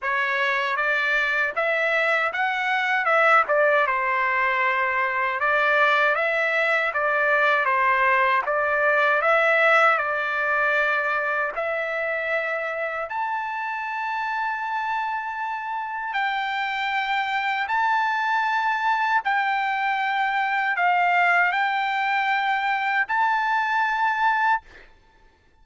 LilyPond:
\new Staff \with { instrumentName = "trumpet" } { \time 4/4 \tempo 4 = 78 cis''4 d''4 e''4 fis''4 | e''8 d''8 c''2 d''4 | e''4 d''4 c''4 d''4 | e''4 d''2 e''4~ |
e''4 a''2.~ | a''4 g''2 a''4~ | a''4 g''2 f''4 | g''2 a''2 | }